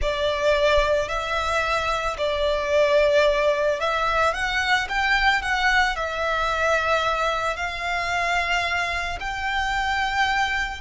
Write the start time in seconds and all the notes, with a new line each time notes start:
0.01 D5
1.08 E5
2.17 D5
3.80 E5
4.33 F#5
4.88 G5
5.42 F#5
5.96 E5
7.56 F5
9.20 G5